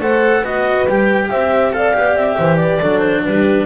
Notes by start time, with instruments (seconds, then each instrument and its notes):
0.00 double bass A3, cello A4, horn C5, clarinet F#5
0.42 double bass B3, cello F#4, horn B4, clarinet D#5
0.89 double bass G3, cello G4, clarinet G5
1.30 double bass C4, horn C5, clarinet E5
1.73 cello A4, horn D5, clarinet F5
1.94 double bass B3, cello G4
2.15 double bass C4, clarinet E5
2.38 double bass E3, horn C5
2.57 horn B4, clarinet D5
2.80 double bass F#3, cello D4, horn A4
2.99 clarinet C5
3.25 double bass G3, horn G4, clarinet B4